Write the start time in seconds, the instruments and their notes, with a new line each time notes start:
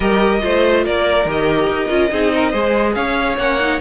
0.00 cello G3, viola G4, violin A#4 D#5
0.40 cello A3, viola F4, violin C5
0.84 cello A#3, violin A#4 D5
1.25 cello D#3, viola G4, violin D#5
1.68 cello D#4
1.88 cello C#4, viola F4
2.11 cello C4, viola D#4, violin G#4
2.35 violin A#4
2.50 cello G#3, viola G#4, violin C5
2.94 cello C#4, violin C#5 F5
3.37 cello A#3, viola C#4, violin F#5
3.59 viola D#4